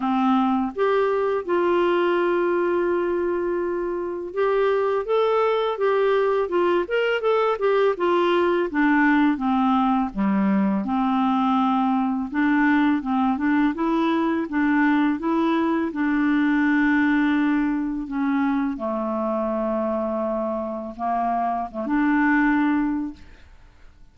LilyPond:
\new Staff \with { instrumentName = "clarinet" } { \time 4/4 \tempo 4 = 83 c'4 g'4 f'2~ | f'2 g'4 a'4 | g'4 f'8 ais'8 a'8 g'8 f'4 | d'4 c'4 g4 c'4~ |
c'4 d'4 c'8 d'8 e'4 | d'4 e'4 d'2~ | d'4 cis'4 a2~ | a4 ais4 a16 d'4.~ d'16 | }